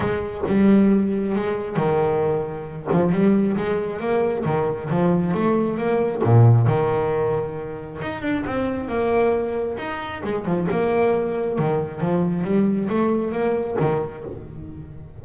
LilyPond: \new Staff \with { instrumentName = "double bass" } { \time 4/4 \tempo 4 = 135 gis4 g2 gis4 | dis2~ dis8 f8 g4 | gis4 ais4 dis4 f4 | a4 ais4 ais,4 dis4~ |
dis2 dis'8 d'8 c'4 | ais2 dis'4 gis8 f8 | ais2 dis4 f4 | g4 a4 ais4 dis4 | }